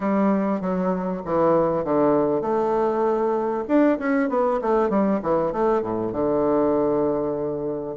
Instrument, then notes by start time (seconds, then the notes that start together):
bassoon
0.00 G3
0.60 F#3
1.25 E3
1.84 D3
2.41 A3
3.67 D4
3.99 C#4
4.29 B3
4.61 A3
4.89 G3
5.22 E3
5.52 A3
5.82 A2
6.12 D3